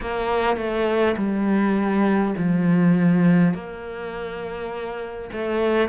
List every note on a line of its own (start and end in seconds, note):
0.01 0.56 A#3
0.56 1.15 A3
1.17 2.34 G3
2.37 3.53 F3
3.53 5.30 A#3
5.32 5.88 A3